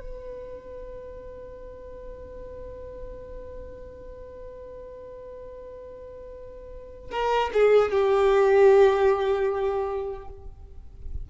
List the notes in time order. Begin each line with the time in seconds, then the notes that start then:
0.00 B4
7.11 A#4
7.54 G#4
7.91 G4